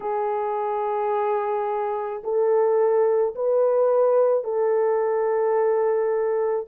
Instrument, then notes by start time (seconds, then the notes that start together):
horn
0.00 G#4
2.23 A4
3.35 B4
4.43 A4